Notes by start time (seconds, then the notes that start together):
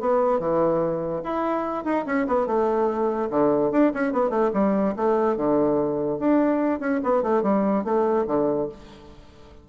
0.00 B3
0.39 E3
1.24 E4
1.84 D#4
2.06 C#4
2.27 B3
2.46 A3
3.30 D3
3.71 D4
3.94 C#4
4.12 B3
4.30 A3
4.53 G3
4.96 A3
5.36 D3
6.19 D4
6.80 C#4
7.03 B3
7.23 A3
7.43 G3
7.84 A3
8.27 D3